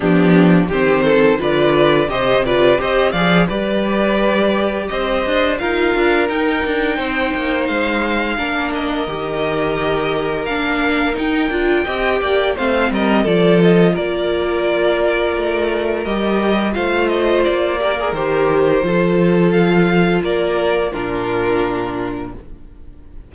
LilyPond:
<<
  \new Staff \with { instrumentName = "violin" } { \time 4/4 \tempo 4 = 86 g'4 c''4 d''4 dis''8 d''8 | dis''8 f''8 d''2 dis''4 | f''4 g''2 f''4~ | f''8 dis''2~ dis''8 f''4 |
g''2 f''8 dis''8 d''8 dis''8 | d''2. dis''4 | f''8 dis''8 d''4 c''2 | f''4 d''4 ais'2 | }
  \new Staff \with { instrumentName = "violin" } { \time 4/4 d'4 g'8 a'8 b'4 c''8 b'8 | c''8 d''8 b'2 c''4 | ais'2 c''2 | ais'1~ |
ais'4 dis''8 d''8 c''8 ais'8 a'4 | ais'1 | c''4. ais'4. a'4~ | a'4 ais'4 f'2 | }
  \new Staff \with { instrumentName = "viola" } { \time 4/4 b4 c'4 f'4 g'8 f'8 | g'8 gis'8 g'2. | f'4 dis'2. | d'4 g'2 d'4 |
dis'8 f'8 g'4 c'4 f'4~ | f'2. g'4 | f'4. g'16 gis'16 g'4 f'4~ | f'2 d'2 | }
  \new Staff \with { instrumentName = "cello" } { \time 4/4 f4 dis4 d4 c4 | c'8 f8 g2 c'8 d'8 | dis'8 d'8 dis'8 d'8 c'8 ais8 gis4 | ais4 dis2 ais4 |
dis'8 d'8 c'8 ais8 a8 g8 f4 | ais2 a4 g4 | a4 ais4 dis4 f4~ | f4 ais4 ais,2 | }
>>